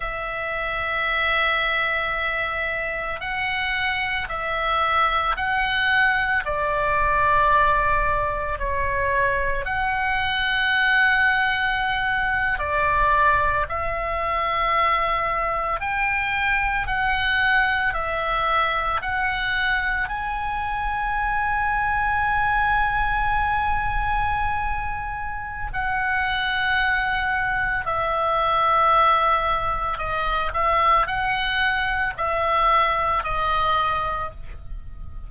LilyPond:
\new Staff \with { instrumentName = "oboe" } { \time 4/4 \tempo 4 = 56 e''2. fis''4 | e''4 fis''4 d''2 | cis''4 fis''2~ fis''8. d''16~ | d''8. e''2 g''4 fis''16~ |
fis''8. e''4 fis''4 gis''4~ gis''16~ | gis''1 | fis''2 e''2 | dis''8 e''8 fis''4 e''4 dis''4 | }